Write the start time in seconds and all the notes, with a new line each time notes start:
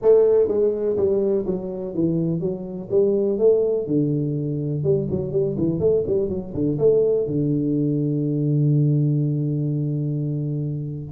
0.02 A3
0.48 G#3
0.96 G3
1.46 F#3
1.94 E3
2.40 F#3
2.90 G3
3.38 A3
3.87 D3
4.83 G3
5.10 F#3
5.31 G3
5.58 E3
5.79 A3
6.06 G3
6.28 F#3
6.53 D3
6.78 A3
7.26 D3